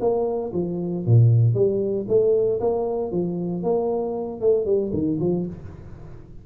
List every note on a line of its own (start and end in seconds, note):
0.00 0.52 A#3
0.53 1.05 F3
1.06 1.54 A#2
1.54 2.06 G3
2.08 2.60 A3
2.60 3.12 A#3
3.12 3.63 F3
3.63 4.41 A#3
4.41 4.66 A3
4.66 4.91 G3
4.93 5.19 D#3
5.20 5.46 F3